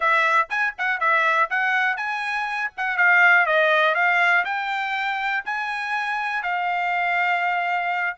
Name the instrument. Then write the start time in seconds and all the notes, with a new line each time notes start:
trumpet
0.00 E5
0.49 G#5
0.78 F#5
0.99 E5
1.50 F#5
1.97 G#5
2.77 F#5
2.97 F5
3.46 D#5
3.94 F5
4.44 G5
5.45 G#5
6.42 F5